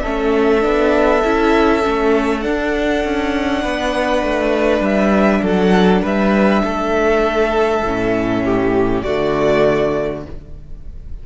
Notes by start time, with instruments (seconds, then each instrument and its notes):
0.00 cello A3, viola C#4, violin A4 E5
0.61 cello B3, viola D4
1.24 cello C#4, viola E4
1.82 cello A3, viola C#4
2.41 viola D4, cello D4, violin F#5
3.04 cello C#4
3.61 cello B3, violin B4
4.22 cello A3
4.80 cello G3, violin E5
5.41 cello F#3, violin A4
5.48 violin F#5
6.01 cello G3, violin B4 E5
6.63 cello A3, violin A4
7.82 cello A2, viola C#4
8.44 violin G4
9.02 cello D3, viola A3, violin F#4 D5